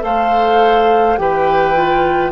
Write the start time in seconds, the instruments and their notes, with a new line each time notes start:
0.00 bassoon A3, clarinet A4, oboe C5, flute F5
1.17 bassoon E3, clarinet G4, oboe B4, flute G5
1.75 clarinet F4